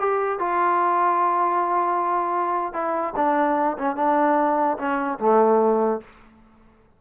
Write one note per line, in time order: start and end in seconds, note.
0.00 0.40 G4
0.40 2.73 F4
2.73 3.14 E4
3.16 3.78 D4
3.78 3.96 C#4
3.96 4.78 D4
4.78 5.19 C#4
5.19 6.01 A3